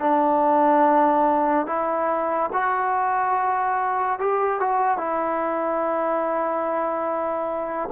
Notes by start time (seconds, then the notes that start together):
0.00 D4
1.66 E4
2.53 F#4
4.19 G4
4.59 F#4
4.97 E4